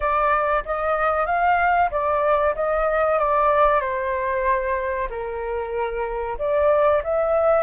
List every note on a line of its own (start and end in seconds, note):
0.00 0.63 D5
0.65 1.26 D#5
1.26 1.89 F5
1.90 2.54 D5
2.55 3.18 D#5
3.18 3.80 D5
3.80 5.08 C5
5.09 6.37 A#4
6.38 7.02 D5
7.03 7.63 E5